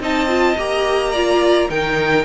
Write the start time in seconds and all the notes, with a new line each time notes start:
0.00 C4 D#4 D#5 A5
0.28 F4
0.58 A#3 G4 A#5
1.12 F4 D5
1.70 D#3 D#4 A#4 G5